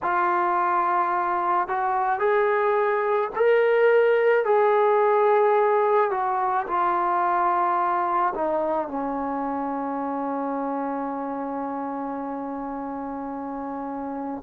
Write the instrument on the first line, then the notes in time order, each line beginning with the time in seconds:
trombone
0.02 F4
1.68 F#4
2.19 G#4
3.35 A#4
4.44 G#4
6.11 F#4
6.67 F4
8.34 D#4
8.88 C#4